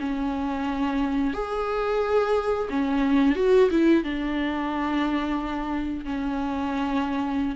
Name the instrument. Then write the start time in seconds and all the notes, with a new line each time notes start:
viola
0.00 C#4
1.34 G#4
2.70 C#4
3.36 F#4
3.71 E4
4.04 D4
6.05 C#4